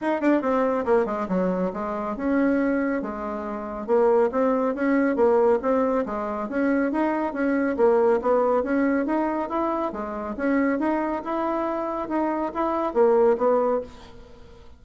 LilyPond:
\new Staff \with { instrumentName = "bassoon" } { \time 4/4 \tempo 4 = 139 dis'8 d'8 c'4 ais8 gis8 fis4 | gis4 cis'2 gis4~ | gis4 ais4 c'4 cis'4 | ais4 c'4 gis4 cis'4 |
dis'4 cis'4 ais4 b4 | cis'4 dis'4 e'4 gis4 | cis'4 dis'4 e'2 | dis'4 e'4 ais4 b4 | }